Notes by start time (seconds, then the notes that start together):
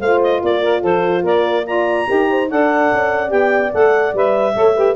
0.00 A3 F4 C5 F5
0.22 D#5
0.41 A#3 F4 D5
0.62 A#4
0.81 F3 A4 C5
1.23 A#3 A#4 D5
1.65 F4 D5 A#5
2.07 D#4 G4 A#4
2.30 C5
2.50 D4 A4 D5 F#5
2.92 C#4
3.28 B3 G4 G5
3.73 A3 A4 F#5
4.13 G3 B4 E5
4.54 A3 A4 C#5
4.75 G4 B4